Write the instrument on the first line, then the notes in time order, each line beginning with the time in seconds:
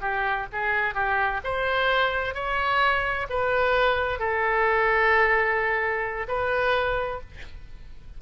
oboe
0.00 G4
0.52 G#4
0.94 G4
1.43 C5
2.34 C#5
3.29 B4
4.19 A4
6.28 B4